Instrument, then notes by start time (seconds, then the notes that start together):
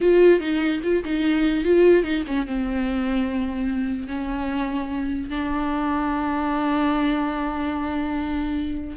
viola
0.00 F4
0.40 D#4
0.83 F4
1.04 D#4
1.64 F4
2.03 D#4
2.27 C#4
2.47 C4
4.07 C#4
5.29 D4